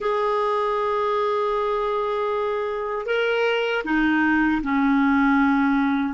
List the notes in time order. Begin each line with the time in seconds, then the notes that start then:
0.00 G#4
3.06 A#4
3.84 D#4
4.63 C#4